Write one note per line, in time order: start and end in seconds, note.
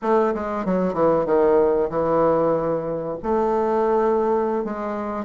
0.02 0.34 A3
0.34 0.65 G#3
0.65 0.93 F#3
0.93 1.25 E3
1.25 1.89 D#3
1.89 3.17 E3
3.22 4.64 A3
4.64 5.25 G#3